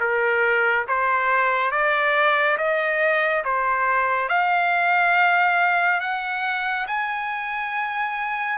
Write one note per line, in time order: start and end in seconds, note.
0.00 0.86 A#4
0.88 1.71 C5
1.71 2.57 D5
2.58 3.43 D#5
3.44 4.29 C5
4.29 6.00 F5
6.00 6.86 F#5
6.87 8.58 G#5